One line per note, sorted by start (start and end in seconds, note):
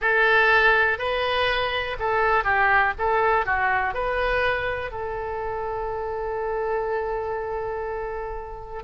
0.01 0.98 A4
0.98 1.96 B4
1.99 2.44 A4
2.44 2.92 G4
2.98 3.45 A4
3.45 3.93 F#4
3.93 4.91 B4
4.91 8.83 A4